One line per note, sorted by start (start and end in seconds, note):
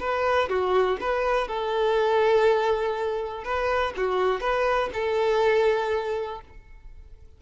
0.00 0.49 B4
0.49 0.98 F#4
1.01 1.48 B4
1.48 3.44 A4
3.44 3.94 B4
3.97 4.41 F#4
4.41 4.90 B4
4.94 6.41 A4